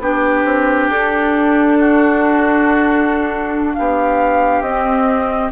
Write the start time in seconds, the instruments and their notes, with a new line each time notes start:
0.00 bassoon B3, clarinet D4, oboe G4, flute B4
0.45 bassoon C4
0.89 bassoon D4, flute A4
1.80 oboe F#4
3.74 bassoon B3, oboe G4, flute F5
4.62 bassoon C4, clarinet C4, flute D#5